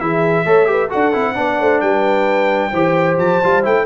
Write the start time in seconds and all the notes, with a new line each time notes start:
0.00 E3 E4 G#4 E5
0.46 A3 A4 C#5
0.66 G4 B4
0.88 F#4 A4 F#5
0.95 D4
1.13 C4 E4
1.35 B3 D4 D5
1.60 A3 C5
1.81 G3 B4 G5
2.71 E3 G4 C5
3.18 F3 A5
3.44 G3 F4
3.63 A3 E4 G5